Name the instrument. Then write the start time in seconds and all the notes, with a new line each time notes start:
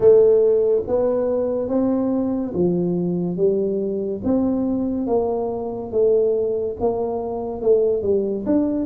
tuba
0.00 A3
0.87 B3
1.68 C4
2.54 F3
3.36 G3
4.24 C4
5.07 A#3
5.92 A3
6.80 A#3
7.61 A3
8.02 G3
8.45 D4